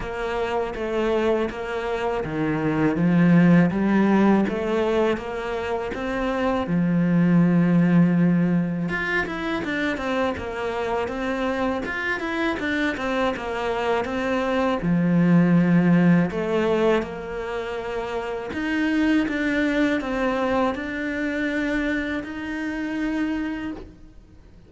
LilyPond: \new Staff \with { instrumentName = "cello" } { \time 4/4 \tempo 4 = 81 ais4 a4 ais4 dis4 | f4 g4 a4 ais4 | c'4 f2. | f'8 e'8 d'8 c'8 ais4 c'4 |
f'8 e'8 d'8 c'8 ais4 c'4 | f2 a4 ais4~ | ais4 dis'4 d'4 c'4 | d'2 dis'2 | }